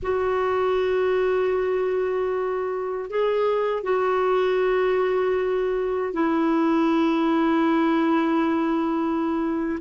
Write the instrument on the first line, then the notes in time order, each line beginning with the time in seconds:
clarinet
0.02 F#4
3.10 G#4
3.83 F#4
6.13 E4